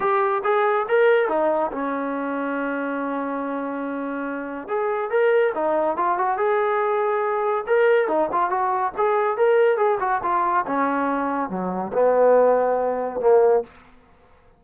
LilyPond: \new Staff \with { instrumentName = "trombone" } { \time 4/4 \tempo 4 = 141 g'4 gis'4 ais'4 dis'4 | cis'1~ | cis'2. gis'4 | ais'4 dis'4 f'8 fis'8 gis'4~ |
gis'2 ais'4 dis'8 f'8 | fis'4 gis'4 ais'4 gis'8 fis'8 | f'4 cis'2 fis4 | b2. ais4 | }